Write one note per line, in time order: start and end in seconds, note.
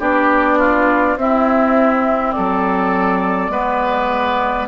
0.00 1.16 B3
0.00 1.18 D4
0.00 0.59 G4
0.00 1.18 D5
0.59 1.17 F4
1.16 2.34 C4
1.16 3.51 C4
1.16 2.36 E4
1.16 2.32 E5
2.32 3.50 F#3
2.32 3.52 A4
2.32 4.67 D5
3.50 4.67 G#3
3.50 4.69 B3
3.50 4.69 B4